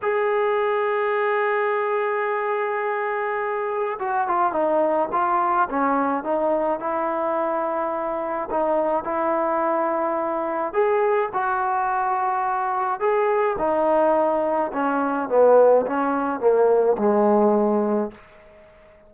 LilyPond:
\new Staff \with { instrumentName = "trombone" } { \time 4/4 \tempo 4 = 106 gis'1~ | gis'2. fis'8 f'8 | dis'4 f'4 cis'4 dis'4 | e'2. dis'4 |
e'2. gis'4 | fis'2. gis'4 | dis'2 cis'4 b4 | cis'4 ais4 gis2 | }